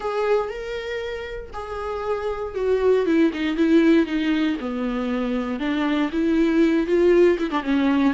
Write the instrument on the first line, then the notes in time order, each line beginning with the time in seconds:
viola
0.00 G#4
0.49 A#4
1.53 G#4
2.54 F#4
3.06 E4
3.33 D#4
3.56 E4
4.05 D#4
4.60 B3
5.59 D4
6.12 E4
6.86 F4
7.38 E4
7.50 D4
7.62 C#4